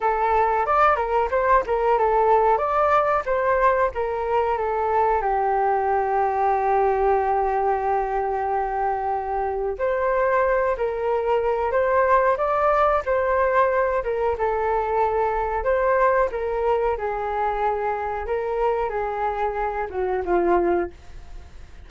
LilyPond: \new Staff \with { instrumentName = "flute" } { \time 4/4 \tempo 4 = 92 a'4 d''8 ais'8 c''8 ais'8 a'4 | d''4 c''4 ais'4 a'4 | g'1~ | g'2. c''4~ |
c''8 ais'4. c''4 d''4 | c''4. ais'8 a'2 | c''4 ais'4 gis'2 | ais'4 gis'4. fis'8 f'4 | }